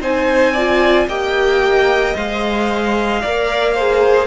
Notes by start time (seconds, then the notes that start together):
0.00 C4 D#4 C5 G#5
0.52 F4 D5
1.07 A#3 G4 D#5 G5
2.13 G#3 C5 F5
3.21 A#3 A#4 D5
3.74 G#4 C5